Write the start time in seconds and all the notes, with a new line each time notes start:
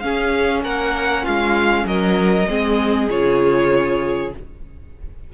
0.00 C#4 G#4 F5
0.64 A#3 A#4 F#5
1.24 G#3 F4 F5
1.85 F#3 A#4 D#5
2.49 G#3 C4 G#4
3.10 C#3 F4 C#5